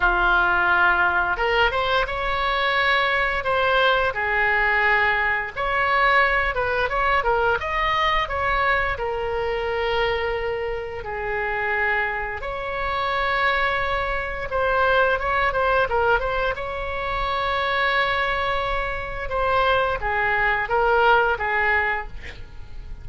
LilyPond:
\new Staff \with { instrumentName = "oboe" } { \time 4/4 \tempo 4 = 87 f'2 ais'8 c''8 cis''4~ | cis''4 c''4 gis'2 | cis''4. b'8 cis''8 ais'8 dis''4 | cis''4 ais'2. |
gis'2 cis''2~ | cis''4 c''4 cis''8 c''8 ais'8 c''8 | cis''1 | c''4 gis'4 ais'4 gis'4 | }